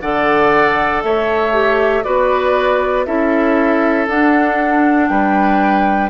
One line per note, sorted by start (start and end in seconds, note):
0.00 1.03 D3
0.00 1.52 A4
0.00 1.03 D5
0.00 1.02 F#5
1.03 2.04 A3
1.03 2.04 C#5
1.03 2.03 E5
1.52 2.03 G4
2.03 3.06 B3
2.03 3.05 F#4
2.03 3.06 B4
2.03 3.05 D5
3.05 4.07 C#4
3.05 4.07 E4
3.05 5.10 A4
3.05 4.07 E5
4.07 5.09 D4
4.07 6.10 D4
4.07 5.08 F#5
5.08 6.10 G3
5.08 6.10 B4
5.08 6.09 G5